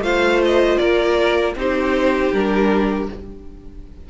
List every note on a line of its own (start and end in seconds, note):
0.00 0.76 A3
0.00 1.55 F4
0.00 0.79 C5
0.00 0.41 F5
0.45 0.78 D#5
0.78 1.55 A#3
0.78 1.55 A#4
0.78 1.53 D5
1.55 2.31 C4
1.55 2.33 D#4
1.55 3.10 G4
1.55 2.33 C5
2.32 3.08 G3
2.32 3.09 D4
2.32 3.09 A#4